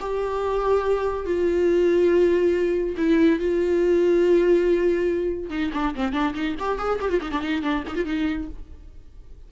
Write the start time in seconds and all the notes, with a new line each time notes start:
0.00 G4
1.26 F4
2.97 E4
3.39 F4
5.50 D#4
5.73 D4
5.95 C4
6.13 D4
6.34 D#4
6.59 G4
6.78 G#4
7.01 G4
7.10 F4
7.21 D#4
7.32 D4
7.41 D#4
7.62 D4
7.87 D#4
7.96 F4
8.05 D#4